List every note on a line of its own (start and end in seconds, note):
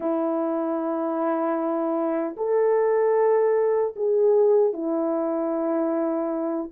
0.00 2.36 E4
2.36 3.94 A4
3.95 4.73 G#4
4.73 6.70 E4